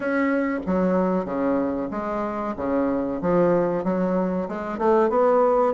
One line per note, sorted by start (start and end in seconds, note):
0.00 0.60 C#4
0.66 1.25 F#3
1.25 1.89 C#3
1.90 2.54 G#3
2.56 3.20 C#3
3.21 3.84 F3
3.84 4.47 F#3
4.48 4.78 G#3
4.78 5.09 A3
5.09 5.73 B3